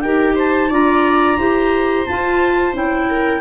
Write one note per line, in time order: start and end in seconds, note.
0.00 0.69 D#4
0.00 0.70 G4
0.00 0.35 A#4
0.00 0.34 G5
0.35 0.69 C5
0.35 0.72 A5
0.69 1.38 D4
0.69 1.38 F4
0.69 1.37 D5
0.69 2.06 A#5
1.37 2.06 E4
1.37 2.06 G4
1.37 3.08 C5
2.06 2.73 F4
2.06 2.74 A5
2.73 3.41 C#4
2.73 3.41 E4
2.73 3.41 G5
3.09 3.41 A#4